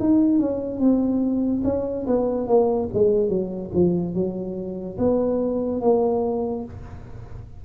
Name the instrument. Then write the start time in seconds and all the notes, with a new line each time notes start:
tuba
0.00 D#4
0.39 C#4
0.80 C4
1.65 C#4
2.07 B3
2.48 A#3
2.94 G#3
3.29 F#3
3.75 F3
4.15 F#3
4.98 B3
5.82 A#3